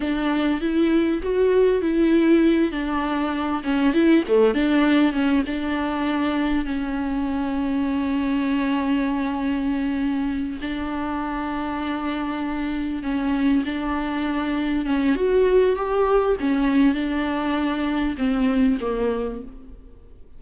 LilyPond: \new Staff \with { instrumentName = "viola" } { \time 4/4 \tempo 4 = 99 d'4 e'4 fis'4 e'4~ | e'8 d'4. cis'8 e'8 a8 d'8~ | d'8 cis'8 d'2 cis'4~ | cis'1~ |
cis'4. d'2~ d'8~ | d'4. cis'4 d'4.~ | d'8 cis'8 fis'4 g'4 cis'4 | d'2 c'4 ais4 | }